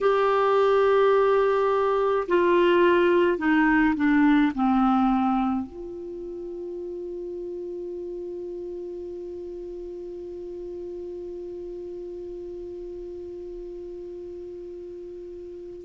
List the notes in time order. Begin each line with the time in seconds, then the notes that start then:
0.01 G4
2.27 F4
3.38 D#4
3.95 D4
4.54 C4
5.67 F4